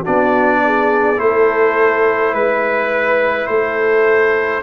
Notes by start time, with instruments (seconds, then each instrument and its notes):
0.00 trombone D4, horn F#4, trumpet D5
0.06 tuba B3
0.65 horn G#4
1.16 tuba A3, trombone E4, horn A4, trumpet C5
2.33 tuba G#3, horn B4, trumpet B4
3.46 tuba A3, horn A4, trumpet C5